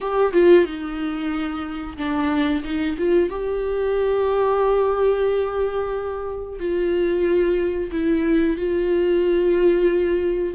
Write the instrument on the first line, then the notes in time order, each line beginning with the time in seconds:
viola
0.01 G4
0.32 F4
0.65 D#4
1.97 D4
2.64 D#4
2.98 F4
3.29 G4
6.59 F4
7.91 E4
8.57 F4